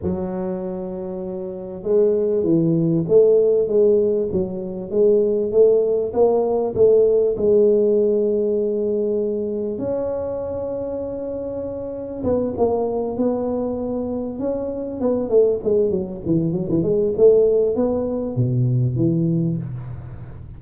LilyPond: \new Staff \with { instrumentName = "tuba" } { \time 4/4 \tempo 4 = 98 fis2. gis4 | e4 a4 gis4 fis4 | gis4 a4 ais4 a4 | gis1 |
cis'1 | b8 ais4 b2 cis'8~ | cis'8 b8 a8 gis8 fis8 e8 fis16 e16 gis8 | a4 b4 b,4 e4 | }